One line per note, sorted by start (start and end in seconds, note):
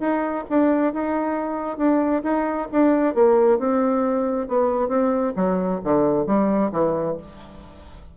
0.00 0.45 D#4
0.49 0.93 D4
0.93 1.78 D#4
1.78 2.22 D4
2.23 2.68 D#4
2.72 3.14 D4
3.14 3.59 A#3
3.59 4.48 C4
4.48 4.89 B3
4.89 5.33 C4
5.36 5.81 F#3
5.84 6.26 D3
6.26 6.71 G3
6.72 7.17 E3